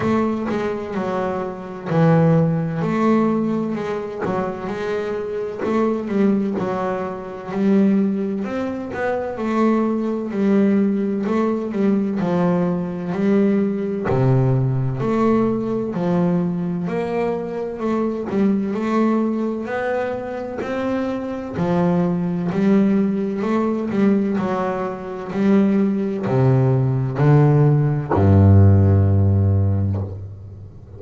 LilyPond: \new Staff \with { instrumentName = "double bass" } { \time 4/4 \tempo 4 = 64 a8 gis8 fis4 e4 a4 | gis8 fis8 gis4 a8 g8 fis4 | g4 c'8 b8 a4 g4 | a8 g8 f4 g4 c4 |
a4 f4 ais4 a8 g8 | a4 b4 c'4 f4 | g4 a8 g8 fis4 g4 | c4 d4 g,2 | }